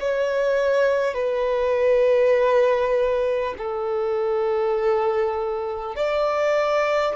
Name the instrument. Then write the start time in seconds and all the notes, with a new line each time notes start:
violin
0.00 C#5
1.13 B4
3.57 A4
5.96 D5